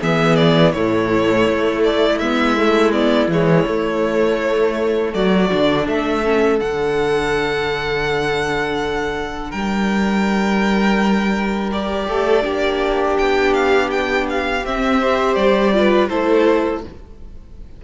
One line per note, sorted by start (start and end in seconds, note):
0.00 0.75 E3
0.00 0.75 B3
0.00 0.73 G#4
0.00 0.36 E5
0.36 0.72 D5
0.72 1.49 A2
0.72 2.22 A3
0.72 5.14 E4
0.72 1.82 C#5
1.49 2.20 A3
1.84 2.19 D5
2.19 3.28 G#3
2.19 2.57 B3
2.19 2.92 E5
2.57 2.92 A3
2.92 3.29 B3
2.92 3.29 D5
3.28 3.64 E3
3.28 3.68 G#3
3.28 5.14 C#5
3.68 5.50 A3
3.68 5.14 A3
5.14 5.50 F#3
5.14 5.85 F#4
5.14 5.87 D5
5.51 5.88 D3
5.51 6.24 D4
5.85 6.61 A3
5.85 9.50 A4
5.85 6.60 E5
6.24 6.60 C#4
6.60 9.54 D3
6.60 11.72 D4
6.60 9.51 F#5
9.50 12.08 G3
9.50 12.06 A#4
9.50 11.71 G5
11.72 12.42 G4
11.72 13.18 D5
12.08 12.44 A3
12.08 12.45 A4
12.42 13.18 A#3
12.42 14.62 D4
12.42 15.01 G4
13.18 14.65 B3
13.18 13.54 G5
13.54 13.90 F5
13.91 14.27 G5
14.30 14.66 F5
14.65 15.36 C4
14.65 15.02 C4
14.65 15.35 E5
15.01 15.74 G4
15.01 15.74 C5
15.35 16.09 G3
15.35 16.08 D5
15.74 16.10 F4
15.74 16.10 B4
16.09 16.84 A3
16.09 16.84 E4
16.09 16.83 A4
16.09 16.82 C5